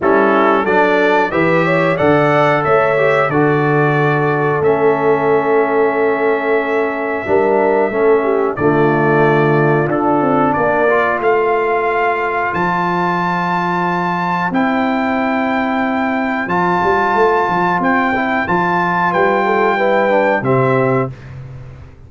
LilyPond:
<<
  \new Staff \with { instrumentName = "trumpet" } { \time 4/4 \tempo 4 = 91 a'4 d''4 e''4 fis''4 | e''4 d''2 e''4~ | e''1~ | e''4 d''2 a'4 |
d''4 f''2 a''4~ | a''2 g''2~ | g''4 a''2 g''4 | a''4 g''2 e''4 | }
  \new Staff \with { instrumentName = "horn" } { \time 4/4 e'4 a'4 b'8 cis''8 d''4 | cis''4 a'2.~ | a'2. ais'4 | a'8 g'8 f'2. |
ais'4 c''2.~ | c''1~ | c''1~ | c''4 b'8 a'8 b'4 g'4 | }
  \new Staff \with { instrumentName = "trombone" } { \time 4/4 cis'4 d'4 g'4 a'4~ | a'8 g'8 fis'2 cis'4~ | cis'2. d'4 | cis'4 a2 d'4~ |
d'8 f'2.~ f'8~ | f'2 e'2~ | e'4 f'2~ f'8 e'8 | f'2 e'8 d'8 c'4 | }
  \new Staff \with { instrumentName = "tuba" } { \time 4/4 g4 fis4 e4 d4 | a4 d2 a4~ | a2. g4 | a4 d2 d'8 c'8 |
ais4 a2 f4~ | f2 c'2~ | c'4 f8 g8 a8 f8 c'4 | f4 g2 c4 | }
>>